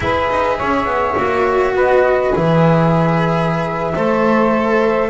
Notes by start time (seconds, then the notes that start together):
0.00 E4 G#4 B4 E5
0.30 D#4
0.56 C#4 C#5
0.85 B3
1.17 A#3 F#4
1.74 B3 B4 D#5
2.33 E3 G#4 E5
3.94 A3 A4 C5